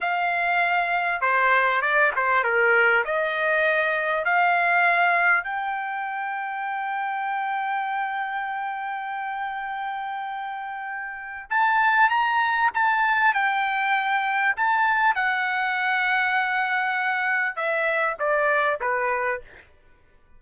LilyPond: \new Staff \with { instrumentName = "trumpet" } { \time 4/4 \tempo 4 = 99 f''2 c''4 d''8 c''8 | ais'4 dis''2 f''4~ | f''4 g''2.~ | g''1~ |
g''2. a''4 | ais''4 a''4 g''2 | a''4 fis''2.~ | fis''4 e''4 d''4 b'4 | }